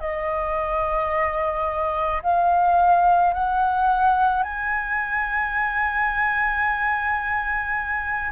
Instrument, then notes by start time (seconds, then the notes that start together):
flute
0.00 D#5
2.23 F5
3.33 F#5
4.43 G#5